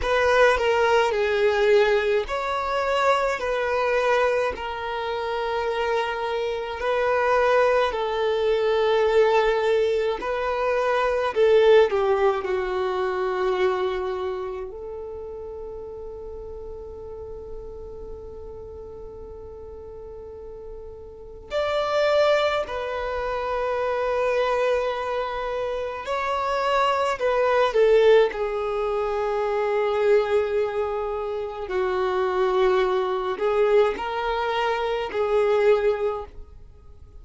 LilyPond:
\new Staff \with { instrumentName = "violin" } { \time 4/4 \tempo 4 = 53 b'8 ais'8 gis'4 cis''4 b'4 | ais'2 b'4 a'4~ | a'4 b'4 a'8 g'8 fis'4~ | fis'4 a'2.~ |
a'2. d''4 | b'2. cis''4 | b'8 a'8 gis'2. | fis'4. gis'8 ais'4 gis'4 | }